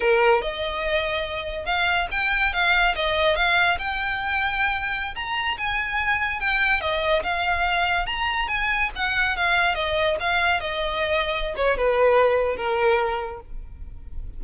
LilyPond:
\new Staff \with { instrumentName = "violin" } { \time 4/4 \tempo 4 = 143 ais'4 dis''2. | f''4 g''4 f''4 dis''4 | f''4 g''2.~ | g''16 ais''4 gis''2 g''8.~ |
g''16 dis''4 f''2 ais''8.~ | ais''16 gis''4 fis''4 f''4 dis''8.~ | dis''16 f''4 dis''2~ dis''16 cis''8 | b'2 ais'2 | }